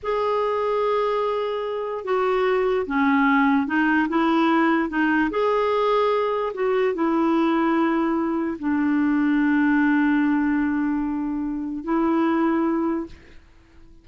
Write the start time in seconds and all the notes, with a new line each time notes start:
0.02 G#4
2.04 F#4
2.86 C#4
3.66 D#4
4.09 E4
4.89 D#4
5.30 G#4
6.54 F#4
6.94 E4
8.58 D4
11.83 E4